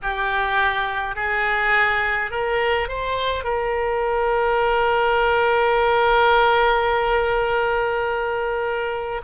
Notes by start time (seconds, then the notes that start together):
0.02 G4
1.15 G#4
2.30 A#4
2.88 C5
3.44 A#4